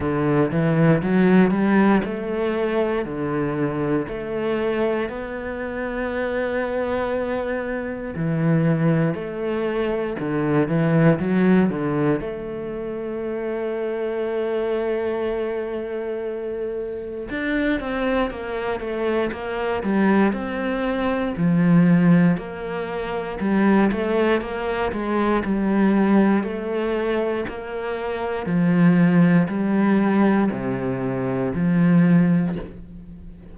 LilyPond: \new Staff \with { instrumentName = "cello" } { \time 4/4 \tempo 4 = 59 d8 e8 fis8 g8 a4 d4 | a4 b2. | e4 a4 d8 e8 fis8 d8 | a1~ |
a4 d'8 c'8 ais8 a8 ais8 g8 | c'4 f4 ais4 g8 a8 | ais8 gis8 g4 a4 ais4 | f4 g4 c4 f4 | }